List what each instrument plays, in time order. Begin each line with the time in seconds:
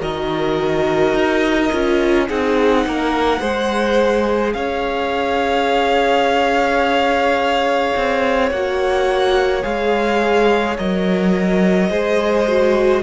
0.00 cello D#3, viola F#4, violin A#4 D#5
1.14 cello D#4
1.72 cello C#4, viola F4
2.28 cello C4, viola D#4, violin G#4 F#5
2.86 cello A#3, violin A#4
3.40 cello G#3, viola G#4, violin C5
4.53 cello C#4, violin C#5 F5
7.96 cello C4
8.51 cello A#3, viola F#4, violin F#5
9.62 cello G#3, viola G#4, violin F5
10.78 cello F#3, viola A#4, violin D#5
11.90 cello G#3, viola G#4, violin C5
12.48 viola F#4